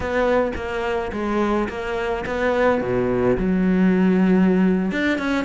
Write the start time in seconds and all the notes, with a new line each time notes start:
0.00 B3
0.55 A#3
1.12 G#3
1.68 A#3
2.26 B3
2.81 B2
3.37 F#3
4.91 D4
5.18 C#4